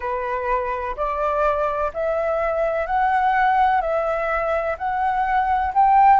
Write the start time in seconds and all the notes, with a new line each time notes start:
0.00 B4
0.96 D5
1.93 E5
2.86 F#5
3.81 E5
4.77 F#5
5.74 G5